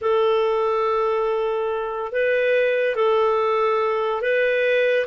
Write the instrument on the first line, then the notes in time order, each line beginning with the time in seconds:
clarinet
0.01 A4
2.12 B4
2.95 A4
4.21 B4